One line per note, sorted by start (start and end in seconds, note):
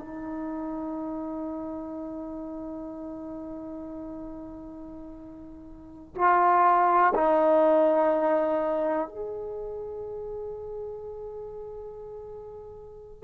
0.00 6.15 D#4
6.15 7.14 F4
7.14 9.08 D#4
9.08 13.24 G#4